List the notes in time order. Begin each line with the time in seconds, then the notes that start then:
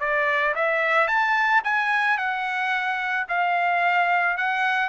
0.00 D5
0.55 E5
1.08 A5
1.64 G#5
2.18 F#5
3.28 F5
4.37 F#5